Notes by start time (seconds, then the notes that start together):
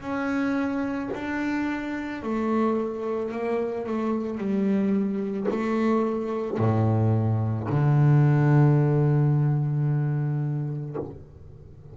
0.00 C#4
1.14 D4
2.22 A3
3.31 A#3
3.86 A3
4.37 G3
5.50 A3
6.58 A2
7.69 D3